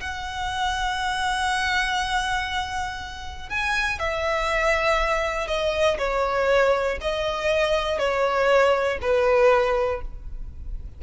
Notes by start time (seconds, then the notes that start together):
0.00 F#5
3.49 G#5
3.99 E5
5.47 D#5
5.98 C#5
7.01 D#5
7.99 C#5
9.01 B4